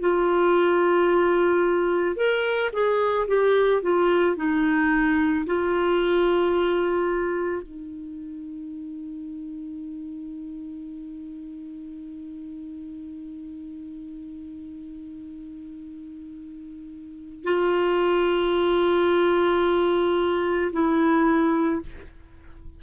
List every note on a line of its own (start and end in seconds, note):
0.00 2.16 F4
2.16 2.70 A#4
2.73 3.27 G#4
3.27 3.82 G4
3.82 4.36 F4
4.36 5.45 D#4
5.46 7.63 F4
7.63 17.44 D#4
17.44 20.71 F4
20.72 21.81 E4